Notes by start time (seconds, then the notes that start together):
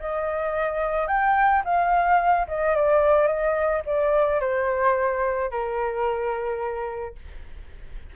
0.00 D#5
1.08 G5
1.65 F5
2.48 D#5
2.76 D5
3.28 D#5
3.87 D5
4.41 C5
5.51 A#4